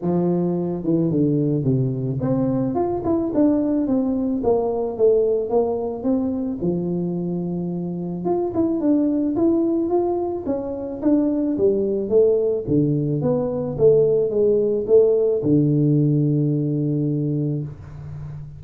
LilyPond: \new Staff \with { instrumentName = "tuba" } { \time 4/4 \tempo 4 = 109 f4. e8 d4 c4 | c'4 f'8 e'8 d'4 c'4 | ais4 a4 ais4 c'4 | f2. f'8 e'8 |
d'4 e'4 f'4 cis'4 | d'4 g4 a4 d4 | b4 a4 gis4 a4 | d1 | }